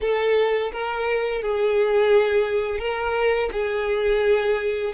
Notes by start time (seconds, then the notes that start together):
0.00 A4
0.72 A#4
1.42 G#4
2.79 A#4
3.52 G#4